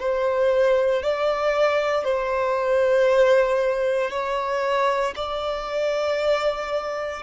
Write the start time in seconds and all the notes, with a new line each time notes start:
0.00 C5
1.03 D5
2.04 C5
4.11 C#5
5.16 D5